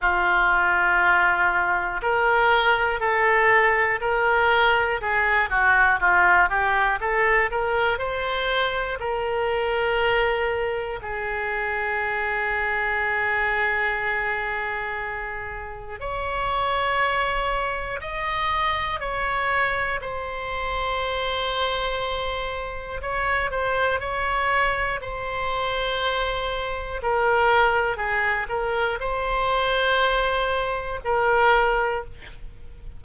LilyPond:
\new Staff \with { instrumentName = "oboe" } { \time 4/4 \tempo 4 = 60 f'2 ais'4 a'4 | ais'4 gis'8 fis'8 f'8 g'8 a'8 ais'8 | c''4 ais'2 gis'4~ | gis'1 |
cis''2 dis''4 cis''4 | c''2. cis''8 c''8 | cis''4 c''2 ais'4 | gis'8 ais'8 c''2 ais'4 | }